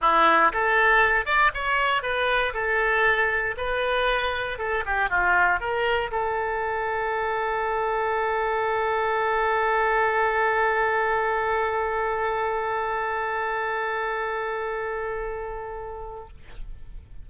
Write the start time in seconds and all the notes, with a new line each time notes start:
0.01 E4
0.52 A4
1.25 D5
1.54 C#5
2.02 B4
2.53 A4
3.57 B4
4.58 A4
4.85 G4
5.09 F4
5.60 A#4
6.11 A4